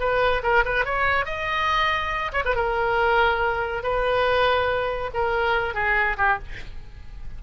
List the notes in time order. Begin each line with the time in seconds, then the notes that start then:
0.00 B4
0.43 A#4
0.65 B4
0.85 C#5
1.26 D#5
2.33 C#5
2.45 B4
2.56 A#4
3.83 B4
5.14 A#4
5.75 G#4
6.18 G4